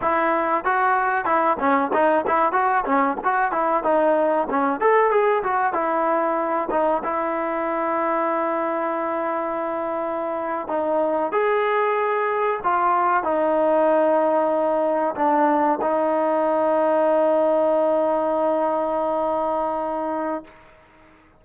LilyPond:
\new Staff \with { instrumentName = "trombone" } { \time 4/4 \tempo 4 = 94 e'4 fis'4 e'8 cis'8 dis'8 e'8 | fis'8 cis'8 fis'8 e'8 dis'4 cis'8 a'8 | gis'8 fis'8 e'4. dis'8 e'4~ | e'1~ |
e'8. dis'4 gis'2 f'16~ | f'8. dis'2. d'16~ | d'8. dis'2.~ dis'16~ | dis'1 | }